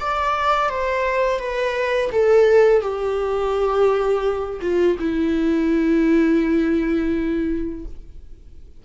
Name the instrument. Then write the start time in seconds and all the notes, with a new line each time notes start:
viola
0.00 D5
0.69 C5
1.39 B4
2.12 A4
2.82 G4
4.62 F4
4.99 E4